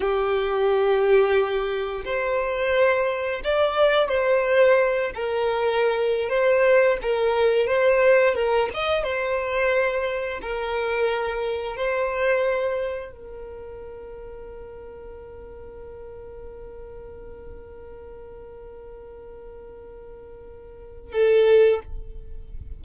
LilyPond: \new Staff \with { instrumentName = "violin" } { \time 4/4 \tempo 4 = 88 g'2. c''4~ | c''4 d''4 c''4. ais'8~ | ais'4~ ais'16 c''4 ais'4 c''8.~ | c''16 ais'8 dis''8 c''2 ais'8.~ |
ais'4~ ais'16 c''2 ais'8.~ | ais'1~ | ais'1~ | ais'2. a'4 | }